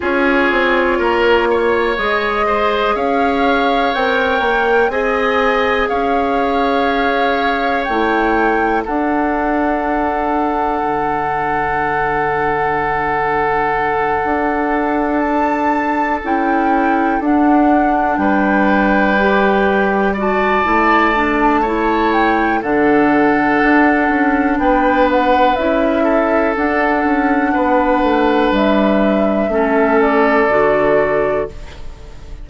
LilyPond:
<<
  \new Staff \with { instrumentName = "flute" } { \time 4/4 \tempo 4 = 61 cis''2 dis''4 f''4 | g''4 gis''4 f''2 | g''4 fis''2.~ | fis''2.~ fis''8 a''8~ |
a''8 g''4 fis''4 g''4.~ | g''8 a''2 g''8 fis''4~ | fis''4 g''8 fis''8 e''4 fis''4~ | fis''4 e''4. d''4. | }
  \new Staff \with { instrumentName = "oboe" } { \time 4/4 gis'4 ais'8 cis''4 c''8 cis''4~ | cis''4 dis''4 cis''2~ | cis''4 a'2.~ | a'1~ |
a'2~ a'8 b'4.~ | b'8 d''4. cis''4 a'4~ | a'4 b'4. a'4. | b'2 a'2 | }
  \new Staff \with { instrumentName = "clarinet" } { \time 4/4 f'2 gis'2 | ais'4 gis'2. | e'4 d'2.~ | d'1~ |
d'8 e'4 d'2 g'8~ | g'8 fis'8 e'8 d'8 e'4 d'4~ | d'2 e'4 d'4~ | d'2 cis'4 fis'4 | }
  \new Staff \with { instrumentName = "bassoon" } { \time 4/4 cis'8 c'8 ais4 gis4 cis'4 | c'8 ais8 c'4 cis'2 | a4 d'2 d4~ | d2~ d8 d'4.~ |
d'8 cis'4 d'4 g4.~ | g4 a2 d4 | d'8 cis'8 b4 cis'4 d'8 cis'8 | b8 a8 g4 a4 d4 | }
>>